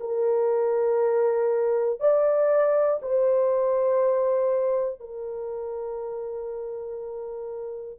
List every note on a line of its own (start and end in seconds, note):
0.00 2.00 A#4
2.00 3.00 D5
3.02 5.00 C5
5.00 7.99 A#4